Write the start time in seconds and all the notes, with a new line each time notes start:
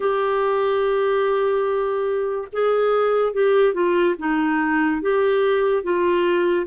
0.00 G4
2.52 G#4
3.33 G4
3.73 F4
4.18 D#4
5.01 G4
5.83 F4